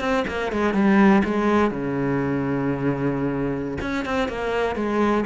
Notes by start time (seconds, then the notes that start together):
0.00 C4
0.28 A#3
0.52 G#3
0.74 G3
1.25 G#3
1.71 C#3
3.82 C#4
4.05 C4
4.29 A#3
4.76 G#3